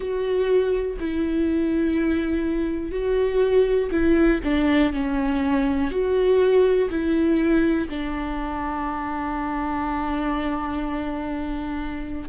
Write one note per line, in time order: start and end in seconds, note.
0.00 0.97 F#4
0.99 2.92 E4
2.92 3.90 F#4
3.91 4.40 E4
4.44 4.92 D4
4.92 5.90 C#4
5.90 6.89 F#4
6.90 7.88 E4
7.89 12.29 D4